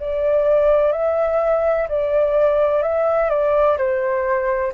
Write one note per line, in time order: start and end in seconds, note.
0.00 0.93 D5
0.93 1.88 E5
1.89 2.83 D5
2.83 3.30 E5
3.30 3.77 D5
3.78 4.73 C5